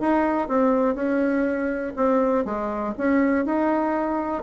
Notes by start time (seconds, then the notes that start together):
0.00 D#4
0.48 C4
0.95 C#4
1.96 C4
2.45 G#3
2.98 C#4
3.45 D#4